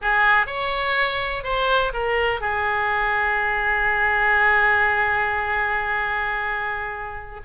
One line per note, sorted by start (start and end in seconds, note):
0.01 0.46 G#4
0.46 1.43 C#5
1.43 1.92 C5
1.93 2.41 A#4
2.41 7.41 G#4